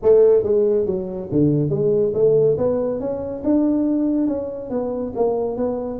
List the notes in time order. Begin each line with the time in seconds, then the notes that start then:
0.02 A3
0.43 G#3
0.86 F#3
1.31 D3
1.69 G#3
2.14 A3
2.57 B3
3.00 C#4
3.44 D4
4.27 C#4
4.69 B3
5.15 A#3
5.56 B3